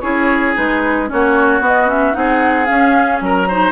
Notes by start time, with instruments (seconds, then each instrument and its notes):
0.00 bassoon C#4, clarinet E4, oboe G#4, flute C#5
0.55 bassoon G#3, clarinet D#4, flute B4
1.08 bassoon A#3, clarinet C#4, oboe F#4, flute C#5
1.61 bassoon B3, clarinet B3, flute D#5
1.87 clarinet C#4, flute E5
2.13 bassoon C4, clarinet D#4, oboe G#4, flute F#5
2.66 clarinet C#4, bassoon C#4, flute F5
3.21 bassoon F#3, oboe A#4, flute A#5
3.48 clarinet D#4, oboe C5